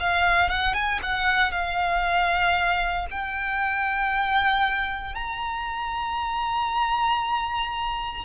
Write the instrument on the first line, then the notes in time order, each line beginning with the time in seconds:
violin
0.00 F5
0.49 F#5
0.74 G#5
1.03 F#5
1.51 F5
3.11 G5
5.15 A#5